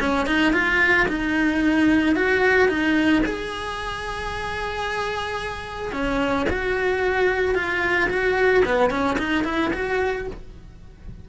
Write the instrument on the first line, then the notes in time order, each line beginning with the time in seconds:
cello
0.00 C#4
0.27 D#4
0.53 F4
1.08 D#4
2.15 F#4
2.68 D#4
3.26 G#4
5.92 C#4
6.50 F#4
7.55 F4
8.10 F#4
8.66 B3
8.90 C#4
9.18 D#4
9.45 E4
9.73 F#4